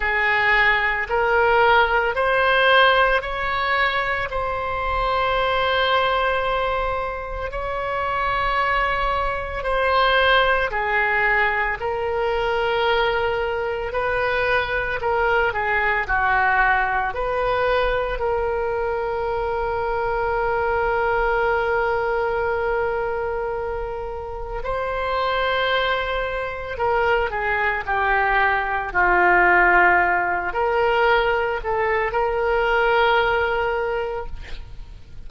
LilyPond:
\new Staff \with { instrumentName = "oboe" } { \time 4/4 \tempo 4 = 56 gis'4 ais'4 c''4 cis''4 | c''2. cis''4~ | cis''4 c''4 gis'4 ais'4~ | ais'4 b'4 ais'8 gis'8 fis'4 |
b'4 ais'2.~ | ais'2. c''4~ | c''4 ais'8 gis'8 g'4 f'4~ | f'8 ais'4 a'8 ais'2 | }